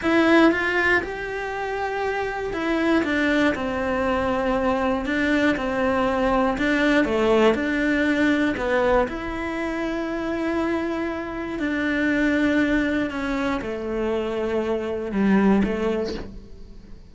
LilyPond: \new Staff \with { instrumentName = "cello" } { \time 4/4 \tempo 4 = 119 e'4 f'4 g'2~ | g'4 e'4 d'4 c'4~ | c'2 d'4 c'4~ | c'4 d'4 a4 d'4~ |
d'4 b4 e'2~ | e'2. d'4~ | d'2 cis'4 a4~ | a2 g4 a4 | }